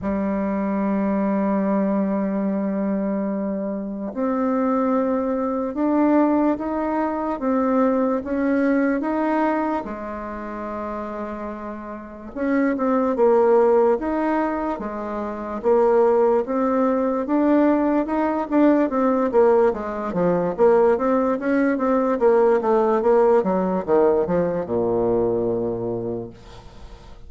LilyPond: \new Staff \with { instrumentName = "bassoon" } { \time 4/4 \tempo 4 = 73 g1~ | g4 c'2 d'4 | dis'4 c'4 cis'4 dis'4 | gis2. cis'8 c'8 |
ais4 dis'4 gis4 ais4 | c'4 d'4 dis'8 d'8 c'8 ais8 | gis8 f8 ais8 c'8 cis'8 c'8 ais8 a8 | ais8 fis8 dis8 f8 ais,2 | }